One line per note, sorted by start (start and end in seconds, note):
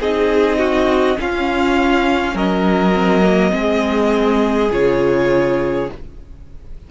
0.00 1.18 C4
0.00 1.16 D#4
0.00 0.59 G#4
0.00 1.20 D#5
0.59 1.18 F#4
1.16 2.92 C#4
1.16 2.34 C#4
1.16 2.35 F4
1.16 2.37 F5
2.34 3.52 F#3
2.34 3.52 A#4
2.34 4.72 D#5
2.93 3.22 C4
3.22 3.50 A#3
3.50 4.71 G#3
3.50 4.68 C4
3.50 5.91 G#4
4.71 5.89 C#3
4.71 5.88 F4
4.71 5.90 C#5